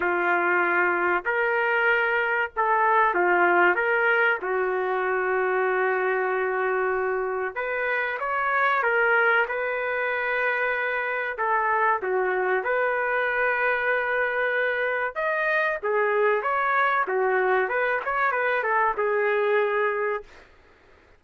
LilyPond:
\new Staff \with { instrumentName = "trumpet" } { \time 4/4 \tempo 4 = 95 f'2 ais'2 | a'4 f'4 ais'4 fis'4~ | fis'1 | b'4 cis''4 ais'4 b'4~ |
b'2 a'4 fis'4 | b'1 | dis''4 gis'4 cis''4 fis'4 | b'8 cis''8 b'8 a'8 gis'2 | }